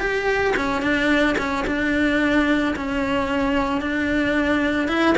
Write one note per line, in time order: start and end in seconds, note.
0.00 0.54 G4
0.56 0.82 C#4
0.82 1.36 D4
1.38 1.65 C#4
1.67 2.75 D4
2.76 3.81 C#4
3.81 4.88 D4
4.88 5.15 E4